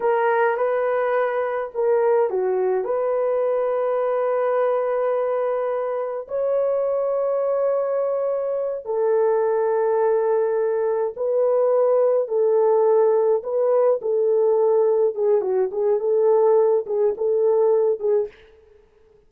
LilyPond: \new Staff \with { instrumentName = "horn" } { \time 4/4 \tempo 4 = 105 ais'4 b'2 ais'4 | fis'4 b'2.~ | b'2. cis''4~ | cis''2.~ cis''8 a'8~ |
a'2.~ a'8 b'8~ | b'4. a'2 b'8~ | b'8 a'2 gis'8 fis'8 gis'8 | a'4. gis'8 a'4. gis'8 | }